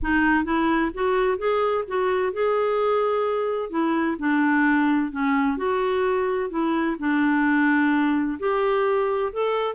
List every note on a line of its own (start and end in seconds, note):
0.02 0.44 D#4
0.44 0.91 E4
0.94 1.37 F#4
1.37 1.84 G#4
1.87 2.33 F#4
2.33 3.70 G#4
3.70 4.16 E4
4.18 5.11 D4
5.11 5.57 C#4
5.57 6.49 F#4
6.49 6.96 E4
6.99 8.38 D4
8.39 9.32 G4
9.32 9.74 A4